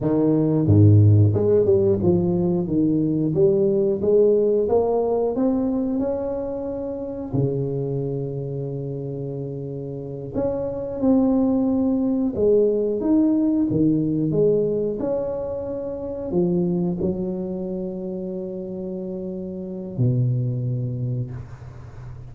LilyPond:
\new Staff \with { instrumentName = "tuba" } { \time 4/4 \tempo 4 = 90 dis4 gis,4 gis8 g8 f4 | dis4 g4 gis4 ais4 | c'4 cis'2 cis4~ | cis2.~ cis8 cis'8~ |
cis'8 c'2 gis4 dis'8~ | dis'8 dis4 gis4 cis'4.~ | cis'8 f4 fis2~ fis8~ | fis2 b,2 | }